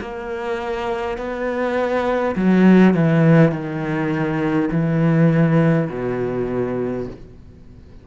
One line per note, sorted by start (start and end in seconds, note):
0.00 1.17 A#3
1.17 2.35 B3
2.35 2.94 F#3
2.94 3.51 E3
3.51 4.69 D#3
4.71 5.88 E3
5.89 7.07 B2